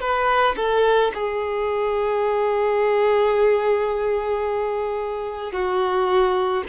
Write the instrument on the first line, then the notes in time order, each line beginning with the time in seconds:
violin
0.00 B4
0.56 A4
1.14 G#4
5.52 F#4